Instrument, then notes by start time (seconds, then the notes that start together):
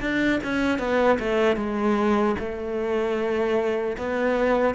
cello
0.00 D4
0.43 C#4
0.78 B3
1.19 A3
1.56 G#3
2.39 A3
3.97 B3